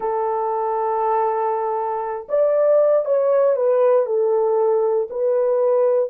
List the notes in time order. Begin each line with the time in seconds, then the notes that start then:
0.00 A4
2.28 D5
3.05 C#5
3.56 B4
4.06 A4
5.10 B4